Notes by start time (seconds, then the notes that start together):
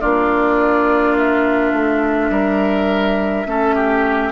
0.00 A#3 D4 F4 D5
1.17 E5
1.72 A3
2.29 G3 A#4
3.46 A3 C#4 A4
3.75 G4